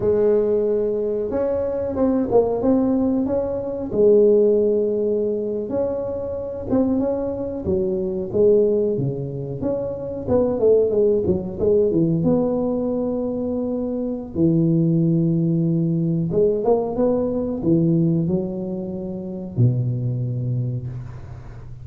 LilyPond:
\new Staff \with { instrumentName = "tuba" } { \time 4/4 \tempo 4 = 92 gis2 cis'4 c'8 ais8 | c'4 cis'4 gis2~ | gis8. cis'4. c'8 cis'4 fis16~ | fis8. gis4 cis4 cis'4 b16~ |
b16 a8 gis8 fis8 gis8 e8 b4~ b16~ | b2 e2~ | e4 gis8 ais8 b4 e4 | fis2 b,2 | }